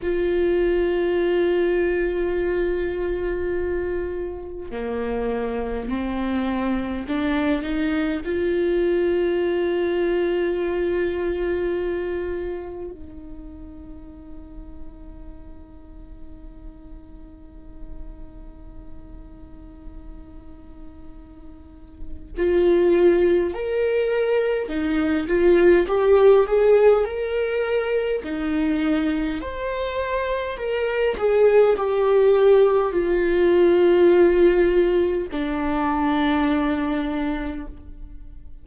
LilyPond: \new Staff \with { instrumentName = "viola" } { \time 4/4 \tempo 4 = 51 f'1 | ais4 c'4 d'8 dis'8 f'4~ | f'2. dis'4~ | dis'1~ |
dis'2. f'4 | ais'4 dis'8 f'8 g'8 gis'8 ais'4 | dis'4 c''4 ais'8 gis'8 g'4 | f'2 d'2 | }